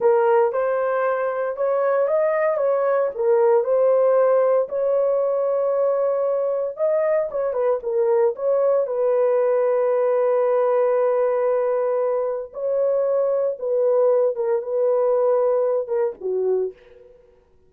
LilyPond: \new Staff \with { instrumentName = "horn" } { \time 4/4 \tempo 4 = 115 ais'4 c''2 cis''4 | dis''4 cis''4 ais'4 c''4~ | c''4 cis''2.~ | cis''4 dis''4 cis''8 b'8 ais'4 |
cis''4 b'2.~ | b'1 | cis''2 b'4. ais'8 | b'2~ b'8 ais'8 fis'4 | }